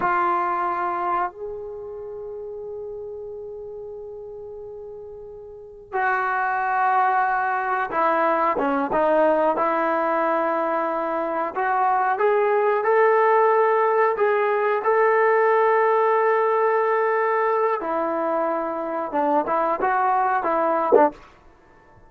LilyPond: \new Staff \with { instrumentName = "trombone" } { \time 4/4 \tempo 4 = 91 f'2 gis'2~ | gis'1~ | gis'4 fis'2. | e'4 cis'8 dis'4 e'4.~ |
e'4. fis'4 gis'4 a'8~ | a'4. gis'4 a'4.~ | a'2. e'4~ | e'4 d'8 e'8 fis'4 e'8. d'16 | }